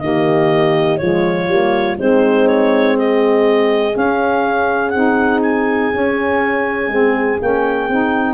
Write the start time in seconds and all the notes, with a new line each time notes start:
0.00 D#3 A#3 G4 D#5
0.98 F3 G#3 F4 C#5
1.48 G3 A#3
1.98 G#3 C4 D#4 C5
2.48 C#5
2.97 G#4 D#5
3.93 C#4 F5
4.90 C4 D#4 F#5
5.43 G#5
5.93 C#4
6.88 G#3 C4
7.40 A#3 C#4 G5
7.89 C4 D#4